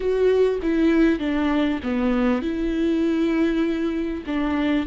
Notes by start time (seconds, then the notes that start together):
0.00 F#4
0.62 E4
1.19 D4
1.83 B3
2.42 E4
4.26 D4